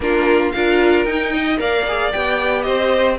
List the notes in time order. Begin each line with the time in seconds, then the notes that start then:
0.00 A#3 D4 F4 A#4
0.51 D4 F4 A#4 F5
1.04 D#4 G5
1.32 D#5
1.58 A#3 A#4 D5 F5
1.87 G#4
2.12 B3 G4 G5
2.62 C4 C5 D#5